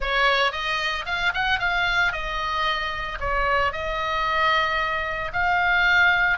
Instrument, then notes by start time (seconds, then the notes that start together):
oboe
0.00 C#5
0.52 D#5
1.05 F5
1.33 F#5
1.59 F5
2.12 D#5
3.20 C#5
3.72 D#5
5.32 F5